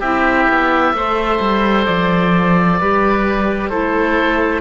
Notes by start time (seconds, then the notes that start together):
0.00 C4 E4 G4 E5
0.49 B3
0.93 A3 A4 C5
1.40 G3
1.86 F3 D5
2.80 G3 G4 B4
3.69 A3 E4 A4 C5